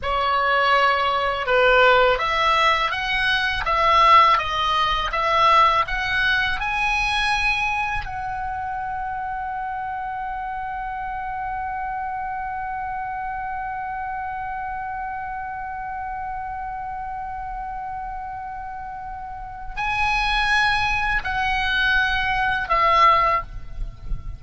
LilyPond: \new Staff \with { instrumentName = "oboe" } { \time 4/4 \tempo 4 = 82 cis''2 b'4 e''4 | fis''4 e''4 dis''4 e''4 | fis''4 gis''2 fis''4~ | fis''1~ |
fis''1~ | fis''1~ | fis''2. gis''4~ | gis''4 fis''2 e''4 | }